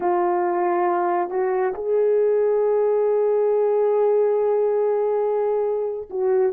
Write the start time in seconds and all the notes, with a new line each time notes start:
0.00 F4
1.30 F#4
1.74 G#4
6.10 F#4